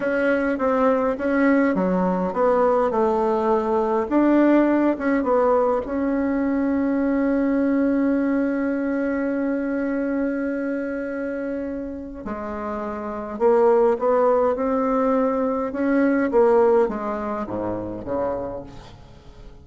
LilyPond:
\new Staff \with { instrumentName = "bassoon" } { \time 4/4 \tempo 4 = 103 cis'4 c'4 cis'4 fis4 | b4 a2 d'4~ | d'8 cis'8 b4 cis'2~ | cis'1~ |
cis'1~ | cis'4 gis2 ais4 | b4 c'2 cis'4 | ais4 gis4 gis,4 cis4 | }